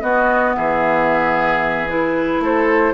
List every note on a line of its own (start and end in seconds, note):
0.00 0.55 B3
0.00 1.88 B3
0.00 0.56 F#4
0.00 0.54 D#5
0.55 2.40 E3
0.55 2.43 G#4
0.55 1.89 E5
1.88 2.94 E4
1.88 2.43 B4
2.40 2.93 A3
2.40 2.94 A4
2.40 2.94 C5